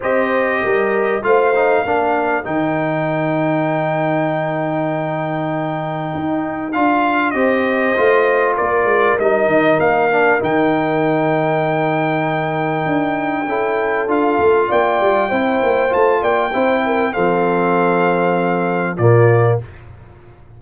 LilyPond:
<<
  \new Staff \with { instrumentName = "trumpet" } { \time 4/4 \tempo 4 = 98 dis''2 f''2 | g''1~ | g''2. f''4 | dis''2 d''4 dis''4 |
f''4 g''2.~ | g''2. f''4 | g''2 a''8 g''4. | f''2. d''4 | }
  \new Staff \with { instrumentName = "horn" } { \time 4/4 c''4 ais'4 c''4 ais'4~ | ais'1~ | ais'1 | c''2 ais'2~ |
ais'1~ | ais'2 a'2 | d''4 c''4. d''8 c''8 ais'8 | a'2. f'4 | }
  \new Staff \with { instrumentName = "trombone" } { \time 4/4 g'2 f'8 dis'8 d'4 | dis'1~ | dis'2. f'4 | g'4 f'2 dis'4~ |
dis'8 d'8 dis'2.~ | dis'2 e'4 f'4~ | f'4 e'4 f'4 e'4 | c'2. ais4 | }
  \new Staff \with { instrumentName = "tuba" } { \time 4/4 c'4 g4 a4 ais4 | dis1~ | dis2 dis'4 d'4 | c'4 a4 ais8 gis8 g8 dis8 |
ais4 dis2.~ | dis4 d'4 cis'4 d'8 a8 | ais8 g8 c'8 ais8 a8 ais8 c'4 | f2. ais,4 | }
>>